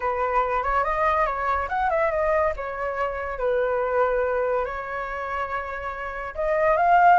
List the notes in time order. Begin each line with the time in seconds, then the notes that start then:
0.00 B4
0.63 C#5
0.83 D#5
1.26 C#5
1.68 F#5
1.90 E5
2.11 D#5
2.56 C#5
3.38 B4
4.65 C#5
6.35 D#5
6.77 F5